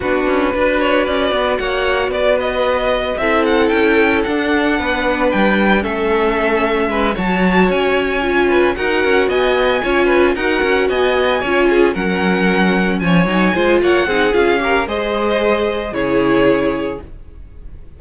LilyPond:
<<
  \new Staff \with { instrumentName = "violin" } { \time 4/4 \tempo 4 = 113 b'2. fis''4 | d''8 dis''4. e''8 fis''8 g''4 | fis''2 g''4 e''4~ | e''4. a''4 gis''4.~ |
gis''8 fis''4 gis''2 fis''8~ | fis''8 gis''2 fis''4.~ | fis''8 gis''4. fis''4 f''4 | dis''2 cis''2 | }
  \new Staff \with { instrumentName = "violin" } { \time 4/4 fis'4 b'8 cis''8 d''4 cis''4 | b'2 a'2~ | a'4 b'2 a'4~ | a'4 b'8 cis''2~ cis''8 |
b'8 ais'4 dis''4 cis''8 b'8 ais'8~ | ais'8 dis''4 cis''8 gis'8 ais'4.~ | ais'8 cis''4 c''8 cis''8 gis'4 ais'8 | c''2 gis'2 | }
  \new Staff \with { instrumentName = "viola" } { \time 4/4 d'4 fis'2.~ | fis'2 e'2 | d'2. cis'4~ | cis'4. fis'2 f'8~ |
f'8 fis'2 f'4 fis'8~ | fis'4. f'4 cis'4.~ | cis'4 dis'8 f'4 dis'8 f'8 g'8 | gis'2 e'2 | }
  \new Staff \with { instrumentName = "cello" } { \time 4/4 b8 cis'8 d'4 cis'8 b8 ais4 | b2 c'4 cis'4 | d'4 b4 g4 a4~ | a4 gis8 fis4 cis'4.~ |
cis'8 dis'8 cis'8 b4 cis'4 dis'8 | cis'8 b4 cis'4 fis4.~ | fis8 f8 fis8 gis8 ais8 c'8 cis'4 | gis2 cis2 | }
>>